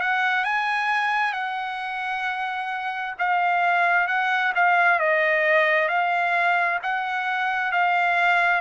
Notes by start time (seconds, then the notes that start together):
0.00 F#5
0.45 G#5
1.33 F#5
3.19 F5
4.07 F#5
4.55 F5
4.99 D#5
5.88 F5
6.83 F#5
7.72 F5